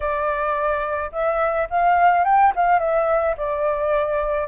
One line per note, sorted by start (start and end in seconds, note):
0.00 1.10 D5
1.12 1.68 E5
1.70 2.24 F5
2.24 2.52 G5
2.55 2.79 F5
2.79 3.35 E5
3.37 4.48 D5